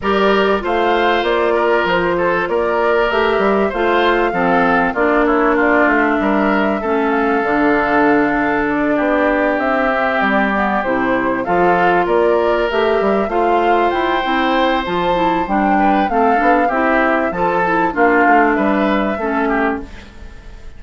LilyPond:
<<
  \new Staff \with { instrumentName = "flute" } { \time 4/4 \tempo 4 = 97 d''4 f''4 d''4 c''4 | d''4 e''4 f''2 | d''8 cis''8 d''8 e''2 f''8~ | f''2 d''4. e''8~ |
e''8 d''4 c''4 f''4 d''8~ | d''8 e''4 f''4 g''4. | a''4 g''4 f''4 e''4 | a''4 f''4 e''2 | }
  \new Staff \with { instrumentName = "oboe" } { \time 4/4 ais'4 c''4. ais'4 a'8 | ais'2 c''4 a'4 | f'8 e'8 f'4 ais'4 a'4~ | a'2~ a'8 g'4.~ |
g'2~ g'8 a'4 ais'8~ | ais'4. c''2~ c''8~ | c''4. b'8 a'4 g'4 | a'4 f'4 b'4 a'8 g'8 | }
  \new Staff \with { instrumentName = "clarinet" } { \time 4/4 g'4 f'2.~ | f'4 g'4 f'4 c'4 | d'2. cis'4 | d'1 |
c'4 b8 e'4 f'4.~ | f'8 g'4 f'4. e'4 | f'8 e'8 d'4 c'8 d'8 e'4 | f'8 e'8 d'2 cis'4 | }
  \new Staff \with { instrumentName = "bassoon" } { \time 4/4 g4 a4 ais4 f4 | ais4 a8 g8 a4 f4 | ais4. a8 g4 a4 | d2~ d8 b4 c'8~ |
c'8 g4 c4 f4 ais8~ | ais8 a8 g8 a4 e'8 c'4 | f4 g4 a8 b8 c'4 | f4 ais8 a8 g4 a4 | }
>>